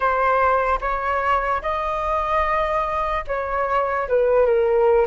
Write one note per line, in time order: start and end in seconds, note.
0.00 0.79 C5
0.80 1.61 C#5
1.62 3.24 D#5
3.27 4.08 C#5
4.08 4.46 B4
4.46 5.06 A#4